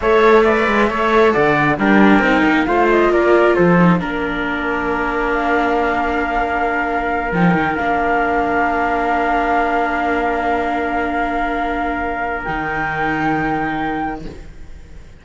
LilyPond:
<<
  \new Staff \with { instrumentName = "flute" } { \time 4/4 \tempo 4 = 135 e''2. fis''4 | g''2 f''8 dis''8 d''4 | c''4 ais'2. | f''1~ |
f''8 g''4 f''2~ f''8~ | f''1~ | f''1 | g''1 | }
  \new Staff \with { instrumentName = "trumpet" } { \time 4/4 cis''4 d''4 cis''4 d''4 | ais'2 c''4 ais'4 | a'4 ais'2.~ | ais'1~ |
ais'1~ | ais'1~ | ais'1~ | ais'1 | }
  \new Staff \with { instrumentName = "viola" } { \time 4/4 a'4 b'4 a'2 | d'4 dis'4 f'2~ | f'8 dis'8 d'2.~ | d'1~ |
d'8 dis'4 d'2~ d'8~ | d'1~ | d'1 | dis'1 | }
  \new Staff \with { instrumentName = "cello" } { \time 4/4 a4. gis8 a4 d4 | g4 c'8 ais8 a4 ais4 | f4 ais2.~ | ais1~ |
ais8 f8 dis8 ais2~ ais8~ | ais1~ | ais1 | dis1 | }
>>